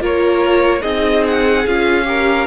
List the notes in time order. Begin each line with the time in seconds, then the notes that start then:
0.00 A#3 F4 A#4 C#5
0.81 C4 D#4 G#4 D#5
1.27 F#5
1.66 C#4 F4 F5
2.05 G4 A#4